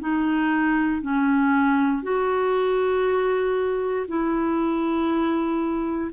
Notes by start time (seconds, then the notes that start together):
0.00 D#4
1.01 C#4
2.03 F#4
4.08 E4